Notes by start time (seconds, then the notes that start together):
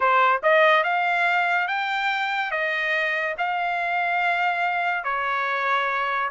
0.00 C5
0.42 D#5
0.83 F5
1.67 G5
2.51 D#5
3.38 F5
5.04 C#5